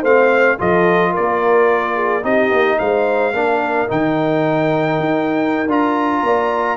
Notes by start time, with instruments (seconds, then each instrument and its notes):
0.00 tuba A3, trombone C4, horn C5, trumpet F5
0.58 tuba F3, trombone F4, horn A4, trumpet D#5
1.11 horn A#4, trumpet D5
1.19 tuba A#3
1.95 horn G#4
2.23 tuba C4, trombone D#4, horn G4, trumpet D#5
2.51 tuba A#3
2.79 tuba G#3, horn C5, trumpet F5
3.33 tuba A#3, trombone D4, horn A#4
3.89 tuba D#3, trombone D#4, trumpet G5
5.00 tuba D#4
5.68 tuba D4, trombone F4, trumpet A#5
6.23 tuba A#3, horn D5